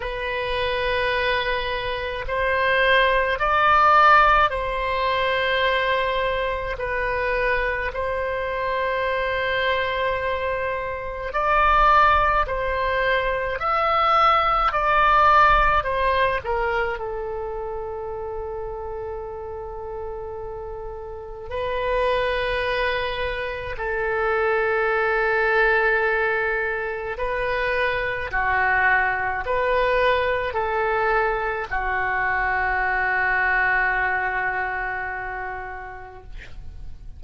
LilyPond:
\new Staff \with { instrumentName = "oboe" } { \time 4/4 \tempo 4 = 53 b'2 c''4 d''4 | c''2 b'4 c''4~ | c''2 d''4 c''4 | e''4 d''4 c''8 ais'8 a'4~ |
a'2. b'4~ | b'4 a'2. | b'4 fis'4 b'4 a'4 | fis'1 | }